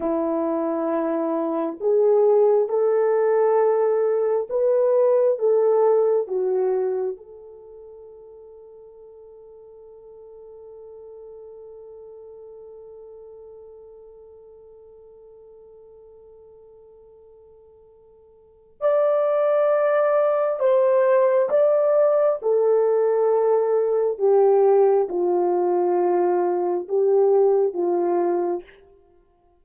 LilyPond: \new Staff \with { instrumentName = "horn" } { \time 4/4 \tempo 4 = 67 e'2 gis'4 a'4~ | a'4 b'4 a'4 fis'4 | a'1~ | a'1~ |
a'1~ | a'4 d''2 c''4 | d''4 a'2 g'4 | f'2 g'4 f'4 | }